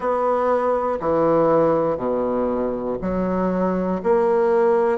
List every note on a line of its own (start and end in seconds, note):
0.00 0.99 B3
1.00 1.97 E3
1.97 2.97 B2
3.01 4.01 F#3
4.03 4.98 A#3